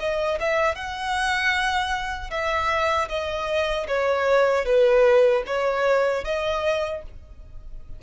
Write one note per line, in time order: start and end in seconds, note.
0.00 0.39 D#5
0.40 0.75 E5
0.75 2.31 F#5
2.31 3.09 E5
3.09 3.87 D#5
3.88 4.65 C#5
4.65 5.43 B4
5.47 6.24 C#5
6.25 7.03 D#5